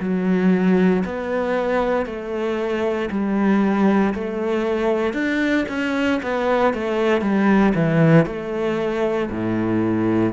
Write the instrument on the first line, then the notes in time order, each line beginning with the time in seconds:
cello
0.00 F#3
1.05 B3
2.06 A3
3.11 G3
4.14 A3
5.14 D4
5.69 C#4
6.23 B3
6.74 A3
7.21 G3
7.75 E3
8.26 A3
9.31 A2